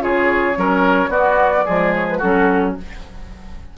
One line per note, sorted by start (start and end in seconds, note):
0.00 0.57 C#3
0.00 0.55 F4
0.00 0.58 G#4
0.00 1.12 C#5
0.55 1.08 F#3
0.55 1.10 C#4
0.55 1.11 A#4
1.08 1.64 B3
1.08 1.65 B3
1.08 1.65 F#4
1.08 1.94 D5
1.65 2.23 F3
1.65 2.20 G#3
1.65 2.19 G#4
1.95 2.09 C#5
2.09 2.21 B4
2.19 2.78 F#3
2.19 2.78 C#4
2.19 2.74 F#4
2.19 2.76 A4